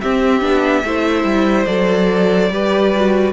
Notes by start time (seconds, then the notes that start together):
0.00 C4 G4 E5
0.41 B3 D4
0.84 A3 E4 C5
1.23 G3
1.65 F#3 A4 D5
2.49 G3 G4 B4
2.95 F#4